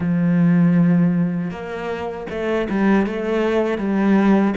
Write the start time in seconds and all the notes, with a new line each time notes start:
0.00 F3
1.51 A#3
2.30 A3
2.69 G3
3.06 A3
3.78 G3